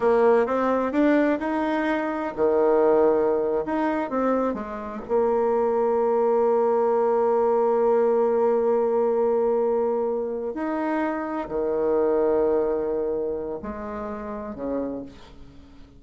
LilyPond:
\new Staff \with { instrumentName = "bassoon" } { \time 4/4 \tempo 4 = 128 ais4 c'4 d'4 dis'4~ | dis'4 dis2~ dis8. dis'16~ | dis'8. c'4 gis4 ais4~ ais16~ | ais1~ |
ais1~ | ais2~ ais8 dis'4.~ | dis'8 dis2.~ dis8~ | dis4 gis2 cis4 | }